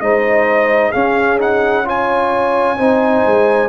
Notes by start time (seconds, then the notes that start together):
0.00 G#3 D#4 C5 D#5
0.91 C#4 G#4 F5
1.38 D#4 F#5
1.84 F4 C#5 G#5
2.77 C4 D#4 C5
3.25 G#3